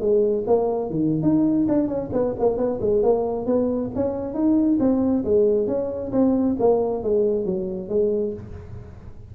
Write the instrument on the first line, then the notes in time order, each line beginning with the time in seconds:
tuba
0.00 G#3
0.47 A#3
0.90 D#3
1.22 D#4
1.68 D4
1.87 C#4
2.13 B3
2.39 A#3
2.57 B3
2.81 G#3
3.03 A#3
3.46 B3
3.95 C#4
4.34 D#4
4.80 C4
5.24 G#3
5.67 C#4
6.12 C4
6.59 A#3
7.03 G#3
7.45 F#3
7.89 G#3